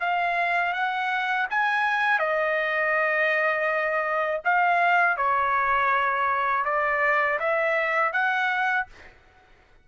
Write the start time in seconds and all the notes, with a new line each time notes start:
0.00 F5
0.73 F#5
1.50 G#5
2.19 D#5
4.44 F5
5.17 C#5
6.65 D5
7.39 E5
8.12 F#5